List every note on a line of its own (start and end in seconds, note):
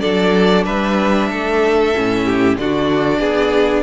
0.00 0.66 F#3
0.00 1.93 D4
0.00 0.64 A4
0.00 0.64 D5
0.64 1.30 G3
0.64 1.28 B4
0.64 2.57 E5
1.30 1.94 A3
1.30 2.25 A4
1.95 2.57 A2
1.95 2.59 C#4
2.25 2.57 G4
2.57 3.19 D3
2.57 3.83 D4
2.57 3.19 F#4
2.57 3.83 D5
3.19 3.83 B3
3.19 3.83 G#4